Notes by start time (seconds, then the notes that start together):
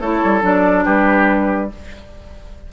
0.00 A3 E4 A4 C#5
0.23 G3
0.41 F#3 D4 D5
0.84 G3 G4 B4